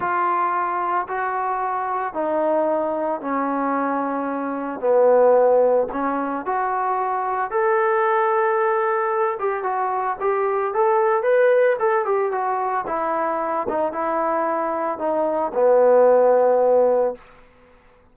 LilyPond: \new Staff \with { instrumentName = "trombone" } { \time 4/4 \tempo 4 = 112 f'2 fis'2 | dis'2 cis'2~ | cis'4 b2 cis'4 | fis'2 a'2~ |
a'4. g'8 fis'4 g'4 | a'4 b'4 a'8 g'8 fis'4 | e'4. dis'8 e'2 | dis'4 b2. | }